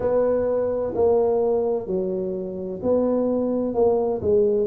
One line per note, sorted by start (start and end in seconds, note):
0.00 0.93 B3
0.94 1.86 A#3
1.86 2.80 F#3
2.82 3.74 B3
3.74 4.21 A#3
4.21 4.66 G#3